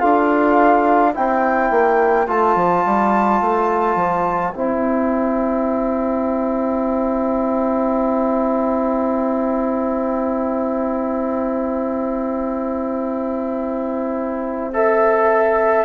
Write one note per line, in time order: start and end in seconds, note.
0.00 1.16 D4
0.00 1.14 F4
0.00 1.13 A4
0.00 1.13 F5
1.13 1.71 C4
1.13 2.27 E4
1.13 15.85 C5
1.13 2.29 G5
1.71 2.28 A#3
2.27 2.56 A3
2.27 4.54 F4
2.27 4.54 A5
2.56 2.84 F3
2.86 3.41 G3
3.41 3.96 A3
3.96 4.53 F3
4.54 15.85 C4
4.54 14.74 E4
4.54 14.73 G5
14.73 15.85 A4
14.73 15.85 E5